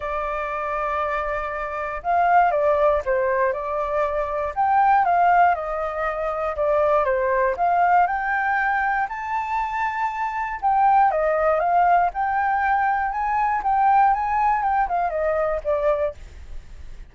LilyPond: \new Staff \with { instrumentName = "flute" } { \time 4/4 \tempo 4 = 119 d''1 | f''4 d''4 c''4 d''4~ | d''4 g''4 f''4 dis''4~ | dis''4 d''4 c''4 f''4 |
g''2 a''2~ | a''4 g''4 dis''4 f''4 | g''2 gis''4 g''4 | gis''4 g''8 f''8 dis''4 d''4 | }